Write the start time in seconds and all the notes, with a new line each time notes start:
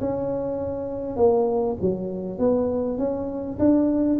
0.00 C#4
1.16 A#3
1.81 F#3
2.38 B3
2.98 C#4
3.59 D4